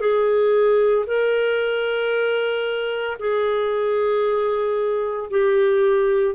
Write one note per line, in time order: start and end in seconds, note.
0.00 1.05 G#4
1.06 3.17 A#4
3.19 5.30 G#4
5.30 6.35 G4